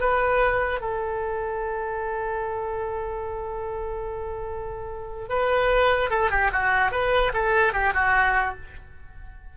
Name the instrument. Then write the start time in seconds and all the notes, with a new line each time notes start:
oboe
0.00 B4
0.80 A4
5.29 B4
6.10 A4
6.30 G4
6.52 F#4
6.91 B4
7.33 A4
7.73 G4
7.94 F#4